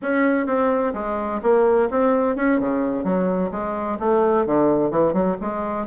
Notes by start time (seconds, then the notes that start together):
0.01 C#4
0.46 C4
0.93 G#3
1.42 A#3
1.90 C4
2.36 C#4
2.59 C#3
3.03 F#3
3.51 G#3
3.99 A3
4.45 D3
4.90 E3
5.13 F#3
5.40 G#3